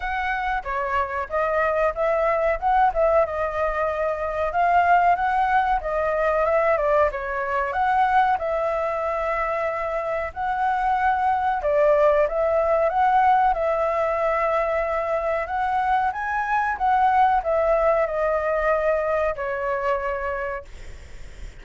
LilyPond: \new Staff \with { instrumentName = "flute" } { \time 4/4 \tempo 4 = 93 fis''4 cis''4 dis''4 e''4 | fis''8 e''8 dis''2 f''4 | fis''4 dis''4 e''8 d''8 cis''4 | fis''4 e''2. |
fis''2 d''4 e''4 | fis''4 e''2. | fis''4 gis''4 fis''4 e''4 | dis''2 cis''2 | }